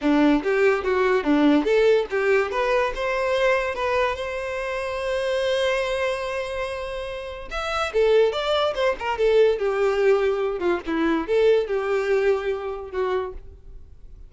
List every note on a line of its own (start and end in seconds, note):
0.01 0.42 D4
0.43 0.84 G4
0.84 1.23 F#4
1.23 1.64 D4
1.64 2.06 A4
2.10 2.51 G4
2.51 2.92 B4
2.95 3.75 C5
3.75 4.15 B4
4.15 7.48 C5
7.50 7.92 E5
7.93 8.32 A4
8.32 8.74 D5
8.74 8.95 C5
8.99 9.18 A#4
9.18 9.58 A4
9.58 10.59 G4
10.59 10.80 F4
10.86 11.27 E4
11.27 11.67 A4
11.67 12.91 G4
12.91 13.33 F#4